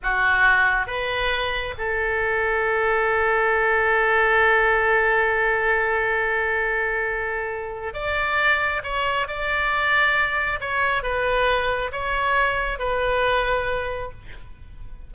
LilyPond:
\new Staff \with { instrumentName = "oboe" } { \time 4/4 \tempo 4 = 136 fis'2 b'2 | a'1~ | a'1~ | a'1~ |
a'2 d''2 | cis''4 d''2. | cis''4 b'2 cis''4~ | cis''4 b'2. | }